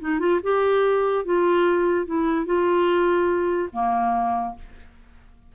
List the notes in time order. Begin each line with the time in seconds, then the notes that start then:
0.00 D#4
0.19 F4
0.43 G4
1.25 F4
2.06 E4
2.45 F4
3.72 A#3